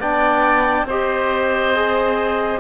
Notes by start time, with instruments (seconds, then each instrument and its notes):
0.00 cello B3, trombone D4, oboe D5, clarinet G5
0.83 cello C4, oboe C5
0.89 trombone G4, clarinet D#5
1.75 trombone G#4